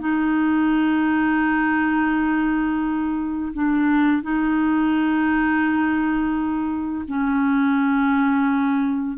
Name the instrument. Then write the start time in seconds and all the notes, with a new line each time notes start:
clarinet
0.00 D#4
3.54 D4
4.23 D#4
7.08 C#4